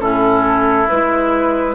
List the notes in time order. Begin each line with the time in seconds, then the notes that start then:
0.00 A2 C#4 E4 A4
0.88 G#3 E4 B4